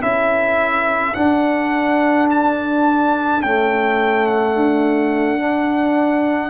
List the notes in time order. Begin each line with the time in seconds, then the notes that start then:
0.00 C#4 E4 A4 E5
1.14 D4 F#5
2.30 A5
3.42 A3 C#4 G5
4.26 F#5
4.54 D4
5.38 D4